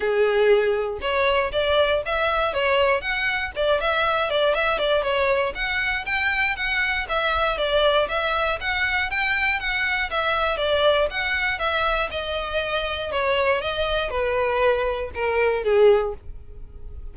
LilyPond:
\new Staff \with { instrumentName = "violin" } { \time 4/4 \tempo 4 = 119 gis'2 cis''4 d''4 | e''4 cis''4 fis''4 d''8 e''8~ | e''8 d''8 e''8 d''8 cis''4 fis''4 | g''4 fis''4 e''4 d''4 |
e''4 fis''4 g''4 fis''4 | e''4 d''4 fis''4 e''4 | dis''2 cis''4 dis''4 | b'2 ais'4 gis'4 | }